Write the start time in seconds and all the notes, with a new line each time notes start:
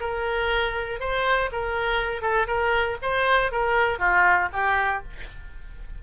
0.00 A#4
1.00 C5
1.52 A#4
2.22 A4
2.47 A#4
3.02 C5
3.52 A#4
3.99 F4
4.53 G4